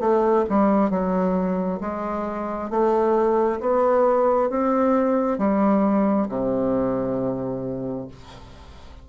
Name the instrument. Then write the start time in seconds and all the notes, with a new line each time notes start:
bassoon
0.00 A3
0.50 G3
0.90 F#3
1.81 G#3
2.70 A3
3.60 B3
4.50 C4
5.39 G3
6.29 C3